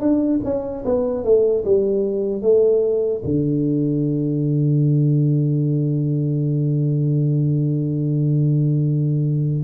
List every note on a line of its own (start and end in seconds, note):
0.00 0.40 D4
0.44 0.84 C#4
0.85 1.24 B3
1.24 1.64 A3
1.65 2.42 G3
2.42 3.22 A3
3.24 9.64 D3